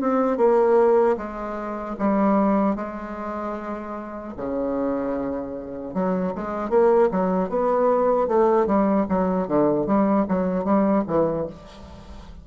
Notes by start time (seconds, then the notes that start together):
0.00 C4
0.37 A#3
1.17 G#3
1.99 G3
2.76 G#3
4.36 C#3
5.94 F#3
6.35 G#3
6.69 A#3
7.11 F#3
7.49 B3
8.27 A3
8.66 G3
9.09 F#3
9.47 D3
9.86 G3
10.28 F#3
10.64 G3
11.07 E3